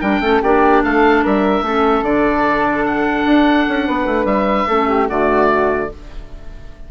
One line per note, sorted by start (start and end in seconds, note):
0.00 0.20 G3
0.00 0.22 D4
0.00 0.20 A#4
0.00 0.42 G5
0.20 0.40 A3
0.20 0.42 C#4
0.20 0.42 A4
0.42 0.84 A#3
0.42 1.65 D4
0.42 0.83 G4
0.42 0.84 D5
0.84 1.24 A3
0.84 1.24 A4
0.84 1.24 F5
1.24 1.62 G3
1.24 1.64 A#4
1.24 2.04 E5
1.62 2.03 A3
1.62 2.05 C#4
1.62 3.87 A4
2.03 3.25 D3
2.03 4.68 D4
2.03 2.85 D5
2.86 4.26 F#5
3.26 3.66 D4
3.68 3.89 C#4
3.87 4.06 B3
3.87 4.67 B4
4.06 4.25 A3
4.25 4.66 G3
4.25 5.07 E5
4.67 5.09 A3
4.67 5.09 C#4
4.67 4.88 A4
4.88 5.09 G4
5.09 5.91 D3
5.09 5.90 A3
5.09 5.90 F#4
5.09 5.91 D5